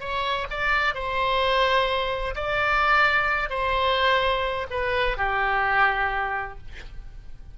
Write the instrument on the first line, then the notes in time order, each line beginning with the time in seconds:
oboe
0.00 C#5
0.50 D5
0.94 C5
2.35 D5
3.50 C5
4.70 B4
5.17 G4